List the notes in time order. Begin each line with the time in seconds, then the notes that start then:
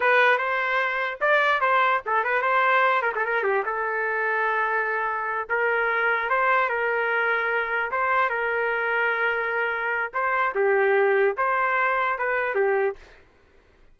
0.00 B4
0.38 C5
1.20 D5
1.61 C5
2.05 A4
2.24 B4
2.41 C5
3.02 A#4
3.15 A4
3.25 A#4
3.43 G4
3.65 A4
5.49 A#4
6.29 C5
6.69 A#4
7.91 C5
8.29 A#4
10.13 C5
10.54 G4
11.37 C5
12.18 B4
12.55 G4